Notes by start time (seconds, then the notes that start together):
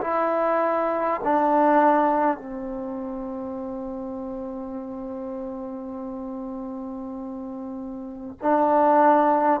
0.00 E4
1.23 D4
2.37 C4
8.42 D4